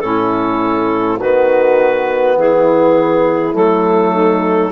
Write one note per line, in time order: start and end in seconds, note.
0.00 1.20 A2
0.00 1.19 C#4
0.00 1.18 E4
0.00 1.18 A4
1.18 2.36 D#3
1.18 3.53 B3
1.18 2.36 F#4
1.18 2.37 B4
2.36 3.54 E3
2.36 4.13 E4
2.36 3.55 G#4
3.53 4.71 F#3
3.53 4.70 A3
3.53 4.71 A4
4.13 4.71 D#4